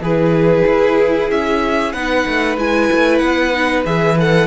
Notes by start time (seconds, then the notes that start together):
0.00 E3 E4 G#4 B4
0.68 E4
1.31 C#4 E5
1.93 B3 D#4 B4 F#5
2.28 A3
2.58 G#3 E4 G#5
2.92 A3
3.19 B3 F#5
3.53 D#4
3.86 E3 G#4 E5
4.19 A4 F#5